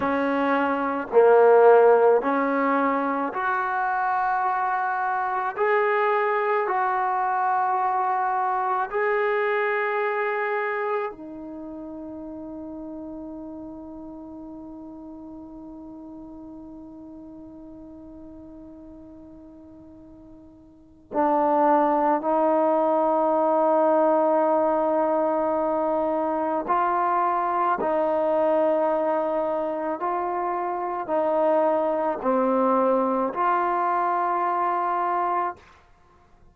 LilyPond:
\new Staff \with { instrumentName = "trombone" } { \time 4/4 \tempo 4 = 54 cis'4 ais4 cis'4 fis'4~ | fis'4 gis'4 fis'2 | gis'2 dis'2~ | dis'1~ |
dis'2. d'4 | dis'1 | f'4 dis'2 f'4 | dis'4 c'4 f'2 | }